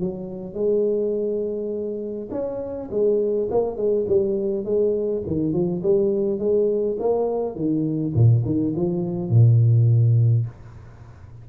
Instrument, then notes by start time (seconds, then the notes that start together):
tuba
0.00 F#3
0.54 G#3
2.31 C#4
2.91 G#3
3.51 A#3
3.77 G#3
4.08 G3
4.65 G#3
5.27 D#3
5.53 F3
5.83 G3
6.39 G#3
6.99 A#3
7.56 D#3
8.14 A#2
8.45 D#3
8.76 F3
9.30 A#2